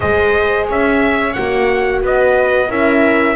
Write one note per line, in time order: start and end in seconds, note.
0.00 0.69 G#3
0.00 1.34 G#4
0.00 0.67 C5
0.00 0.67 D#5
0.67 1.36 C#4
0.67 2.02 C#5
0.67 1.33 E5
1.33 2.01 A#3
1.33 2.68 F#4
1.33 2.00 F#5
2.01 2.69 B3
2.01 2.69 B4
2.01 2.71 D#5
2.68 3.35 C#4
2.68 3.35 E4
2.68 3.35 A#4
2.68 3.35 E5